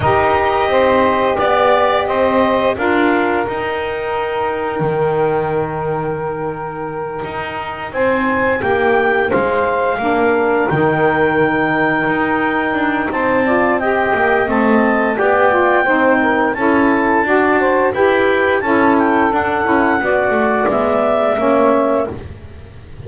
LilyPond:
<<
  \new Staff \with { instrumentName = "clarinet" } { \time 4/4 \tempo 4 = 87 dis''2 d''4 dis''4 | f''4 g''2.~ | g''2.~ g''8 gis''8~ | gis''8 g''4 f''2 g''8~ |
g''2. a''4 | g''4 a''4 g''2 | a''2 g''4 a''8 g''8 | fis''2 e''2 | }
  \new Staff \with { instrumentName = "saxophone" } { \time 4/4 ais'4 c''4 d''4 c''4 | ais'1~ | ais'2.~ ais'8 c''8~ | c''8 g'4 c''4 ais'4.~ |
ais'2. c''8 d''8 | dis''2 d''4 c''8 ais'8 | a'4 d''8 c''8 b'4 a'4~ | a'4 d''2 cis''4 | }
  \new Staff \with { instrumentName = "saxophone" } { \time 4/4 g'1 | f'4 dis'2.~ | dis'1~ | dis'2~ dis'8 d'4 dis'8~ |
dis'2.~ dis'8 f'8 | g'4 c'4 g'8 f'8 dis'4 | e'4 fis'4 g'4 e'4 | d'8 e'8 fis'4 b4 cis'4 | }
  \new Staff \with { instrumentName = "double bass" } { \time 4/4 dis'4 c'4 b4 c'4 | d'4 dis'2 dis4~ | dis2~ dis8 dis'4 c'8~ | c'8 ais4 gis4 ais4 dis8~ |
dis4. dis'4 d'8 c'4~ | c'8 ais8 a4 b4 c'4 | cis'4 d'4 e'4 cis'4 | d'8 cis'8 b8 a8 gis4 ais4 | }
>>